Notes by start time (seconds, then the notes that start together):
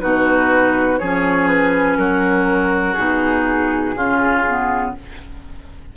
0.00 B2 D#4 F#4 B4
0.98 F3 C#4 G#4 C#5
1.47 B4
1.97 F#3 F#4 A#4
2.94 B2 D#4 G#4
3.96 C#3 C#4 F4
4.47 B3